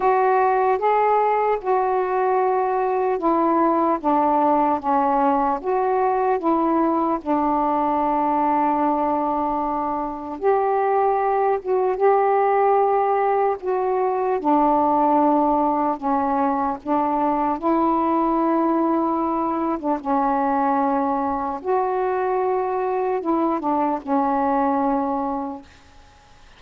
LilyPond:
\new Staff \with { instrumentName = "saxophone" } { \time 4/4 \tempo 4 = 75 fis'4 gis'4 fis'2 | e'4 d'4 cis'4 fis'4 | e'4 d'2.~ | d'4 g'4. fis'8 g'4~ |
g'4 fis'4 d'2 | cis'4 d'4 e'2~ | e'8. d'16 cis'2 fis'4~ | fis'4 e'8 d'8 cis'2 | }